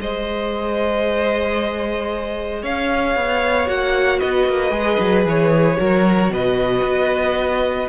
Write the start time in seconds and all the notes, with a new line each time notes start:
0.00 G#3 G#4 C5 D#5
2.63 C#4 C#5 F5
3.16 B3
3.67 A#3 F#4 F#5
4.19 B3 B4 D#5
4.48 A#3
4.71 G#3 G#4
4.99 F#3
5.25 E3 C#5
5.77 F#3 F#4 A#4
6.30 B2 B4 D#5
6.83 B3